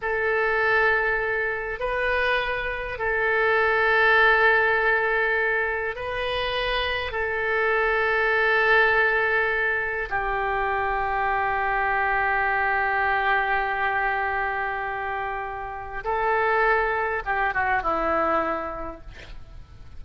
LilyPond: \new Staff \with { instrumentName = "oboe" } { \time 4/4 \tempo 4 = 101 a'2. b'4~ | b'4 a'2.~ | a'2 b'2 | a'1~ |
a'4 g'2.~ | g'1~ | g'2. a'4~ | a'4 g'8 fis'8 e'2 | }